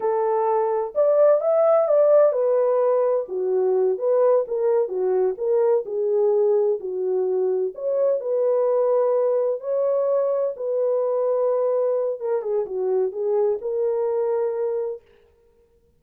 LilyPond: \new Staff \with { instrumentName = "horn" } { \time 4/4 \tempo 4 = 128 a'2 d''4 e''4 | d''4 b'2 fis'4~ | fis'8 b'4 ais'4 fis'4 ais'8~ | ais'8 gis'2 fis'4.~ |
fis'8 cis''4 b'2~ b'8~ | b'8 cis''2 b'4.~ | b'2 ais'8 gis'8 fis'4 | gis'4 ais'2. | }